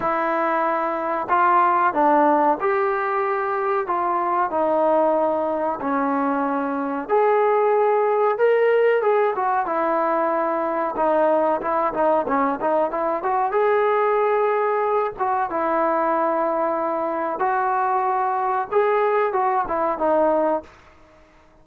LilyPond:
\new Staff \with { instrumentName = "trombone" } { \time 4/4 \tempo 4 = 93 e'2 f'4 d'4 | g'2 f'4 dis'4~ | dis'4 cis'2 gis'4~ | gis'4 ais'4 gis'8 fis'8 e'4~ |
e'4 dis'4 e'8 dis'8 cis'8 dis'8 | e'8 fis'8 gis'2~ gis'8 fis'8 | e'2. fis'4~ | fis'4 gis'4 fis'8 e'8 dis'4 | }